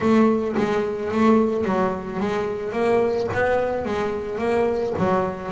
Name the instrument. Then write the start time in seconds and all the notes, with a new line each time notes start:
double bass
0.00 A3
0.57 G#3
1.11 A3
1.65 F#3
2.20 G#3
2.72 A#3
3.34 B3
3.85 G#3
4.38 A#3
4.98 F#3